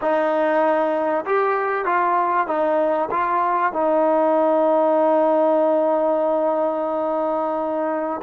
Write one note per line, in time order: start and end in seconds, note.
0.01 1.25 D#4
1.25 1.85 G4
1.85 2.47 F4
2.47 3.09 D#4
3.10 3.72 F4
3.73 8.21 D#4